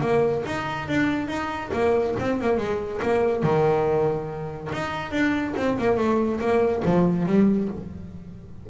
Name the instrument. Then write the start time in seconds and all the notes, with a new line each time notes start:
double bass
0.00 A#3
0.45 D#4
0.88 D4
1.28 D#4
1.72 A#3
2.19 C4
2.40 A#3
2.57 G#3
3.02 A#3
3.43 D#3
4.72 D#4
5.11 D4
5.56 C4
5.78 A#3
5.97 A3
6.40 A#3
6.85 F3
7.26 G3